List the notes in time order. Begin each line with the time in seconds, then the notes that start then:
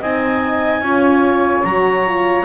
0.00 C4 D#4 D#5 G#5
0.81 C#4 F4 C#5
1.64 F#3 F#4 A#5
2.07 F4